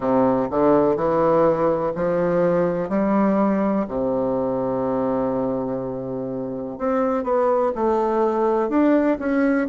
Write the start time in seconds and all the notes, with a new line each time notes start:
0.00 C3
0.50 D3
0.96 E3
1.95 F3
2.89 G3
3.88 C3
6.78 C4
7.23 B3
7.75 A3
8.69 D4
9.19 C#4